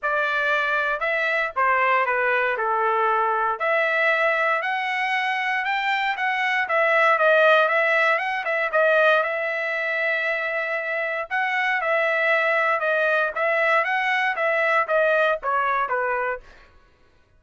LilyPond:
\new Staff \with { instrumentName = "trumpet" } { \time 4/4 \tempo 4 = 117 d''2 e''4 c''4 | b'4 a'2 e''4~ | e''4 fis''2 g''4 | fis''4 e''4 dis''4 e''4 |
fis''8 e''8 dis''4 e''2~ | e''2 fis''4 e''4~ | e''4 dis''4 e''4 fis''4 | e''4 dis''4 cis''4 b'4 | }